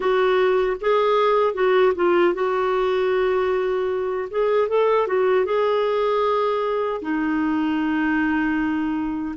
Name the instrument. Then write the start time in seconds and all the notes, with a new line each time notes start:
clarinet
0.00 F#4
0.80 G#4
1.53 F#4
1.95 F4
2.33 F#4
4.30 G#4
4.68 A4
5.06 F#4
5.45 G#4
7.01 D#4